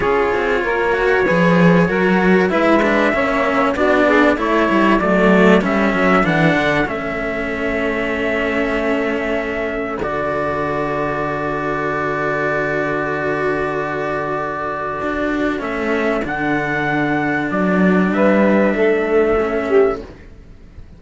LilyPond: <<
  \new Staff \with { instrumentName = "trumpet" } { \time 4/4 \tempo 4 = 96 cis''1 | e''2 d''4 cis''4 | d''4 e''4 fis''4 e''4~ | e''1 |
d''1~ | d''1~ | d''4 e''4 fis''2 | d''4 e''2. | }
  \new Staff \with { instrumentName = "saxophone" } { \time 4/4 gis'4 ais'4 b'4 ais'4 | b'4 cis''4 fis'8 gis'8 a'4~ | a'1~ | a'1~ |
a'1~ | a'1~ | a'1~ | a'4 b'4 a'4. g'8 | }
  \new Staff \with { instrumentName = "cello" } { \time 4/4 f'4. fis'8 gis'4 fis'4 | e'8 d'8 cis'4 d'4 e'4 | a4 cis'4 d'4 cis'4~ | cis'1 |
fis'1~ | fis'1~ | fis'4 cis'4 d'2~ | d'2. cis'4 | }
  \new Staff \with { instrumentName = "cello" } { \time 4/4 cis'8 c'8 ais4 f4 fis4 | gis4 ais4 b4 a8 g8 | fis4 g8 fis8 e8 d8 a4~ | a1 |
d1~ | d1 | d'4 a4 d2 | fis4 g4 a2 | }
>>